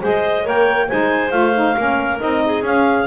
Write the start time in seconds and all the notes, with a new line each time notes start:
0.00 G#3 G#4 C5 D#5
0.43 A#3 A#4 C#5 G5
0.88 G#3 D#4 C5 G#5
1.30 A3 F4 F5
1.54 D#4
1.77 A#3 C#4 A#4
2.19 C4 D#4 D#5
2.45 G#4
2.62 C#4 F5